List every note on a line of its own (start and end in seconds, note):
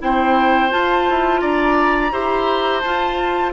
0.00 0.73 C4
0.00 0.70 E4
0.00 1.42 C5
0.00 0.72 G5
0.70 2.11 F4
0.70 1.09 F4
0.70 1.41 A5
1.10 1.43 E4
1.41 2.12 D4
1.41 2.13 D5
1.41 2.81 A#5
2.12 2.83 E4
2.12 2.83 G4
2.12 3.54 C5
2.81 3.54 F4
2.81 3.52 A5